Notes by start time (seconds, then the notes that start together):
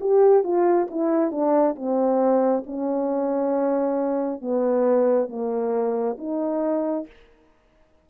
0.00 G4
0.43 F4
0.90 E4
1.31 D4
1.75 C4
2.66 C#4
4.41 B3
5.28 A#3
6.18 D#4